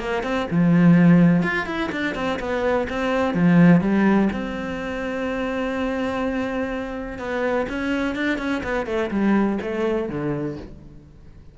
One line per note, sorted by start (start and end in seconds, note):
0.00 0.23 A#3
0.23 0.47 C4
0.51 1.43 F3
1.43 1.66 F4
1.66 1.90 E4
1.92 2.15 D4
2.15 2.39 C4
2.40 2.88 B3
2.90 3.35 C4
3.35 3.81 F3
3.81 4.29 G3
4.33 7.19 C4
7.19 7.67 B3
7.69 8.16 C#4
8.16 8.38 D4
8.38 8.62 C#4
8.64 8.86 B3
8.86 9.10 A3
9.11 9.59 G3
9.62 10.09 A3
10.09 10.57 D3